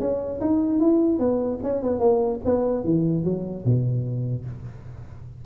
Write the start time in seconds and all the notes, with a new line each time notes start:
0.00 C#4
0.41 D#4
0.80 E4
1.19 B3
1.63 C#4
1.83 B3
2.00 A#3
2.45 B3
2.85 E3
3.25 F#3
3.65 B2